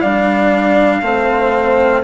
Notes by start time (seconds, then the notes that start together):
0.00 G3 D4 D5 F5
1.01 A3 C4 C5